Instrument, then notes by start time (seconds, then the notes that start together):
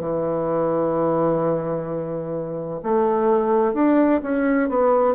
bassoon
0.00 E3
2.83 A3
3.74 D4
4.23 C#4
4.69 B3